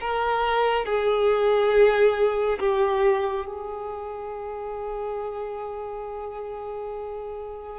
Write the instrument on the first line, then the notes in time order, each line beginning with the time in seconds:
violin
0.00 A#4
0.85 G#4
2.59 G4
3.46 G#4